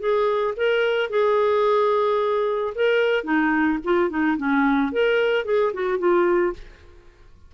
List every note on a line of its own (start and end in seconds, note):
0.00 0.55 G#4
0.57 1.10 A#4
1.10 2.74 G#4
2.75 3.24 A#4
3.24 3.79 D#4
3.85 4.10 F4
4.10 4.37 D#4
4.38 4.92 C#4
4.92 5.45 A#4
5.45 5.73 G#4
5.74 5.99 F#4
5.99 6.54 F4